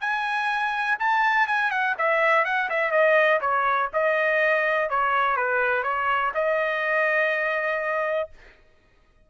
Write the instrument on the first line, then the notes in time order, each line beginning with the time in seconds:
trumpet
0.00 G#5
0.99 A5
1.47 G#5
1.71 F#5
1.98 E5
2.44 F#5
2.69 E5
2.91 D#5
3.40 C#5
3.93 D#5
4.89 C#5
5.36 B4
5.83 C#5
6.34 D#5